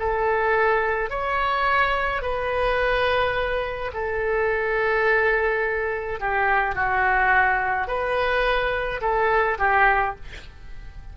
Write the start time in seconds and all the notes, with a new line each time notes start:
0.00 A4
1.10 C#5
2.22 B4
3.94 A4
6.20 G4
6.75 F#4
7.88 B4
9.02 A4
9.59 G4